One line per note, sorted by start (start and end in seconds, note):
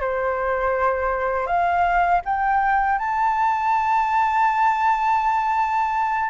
0.00 1.46 C5
1.46 2.21 F5
2.25 2.98 G5
2.98 6.30 A5